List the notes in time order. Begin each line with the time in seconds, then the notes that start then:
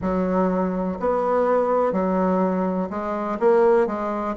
0.01 F#3
0.99 B3
1.92 F#3
2.90 G#3
3.39 A#3
3.86 G#3